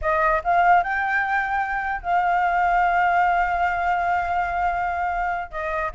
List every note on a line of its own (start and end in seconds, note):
0.01 0.42 D#5
0.43 0.83 F5
0.83 2.01 G5
2.01 5.51 F5
5.51 5.91 D#5